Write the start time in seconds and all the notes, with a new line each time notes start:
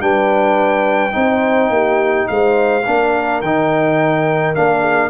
0.00 G3 D4 B4 G5
1.12 C4 D#4 C5
1.69 A#3 G4
2.27 G#3 C5 F5
2.85 A#3 D4 A#4
3.41 D#3 D#4 G5
4.55 A#3 D4 F5
4.80 G#4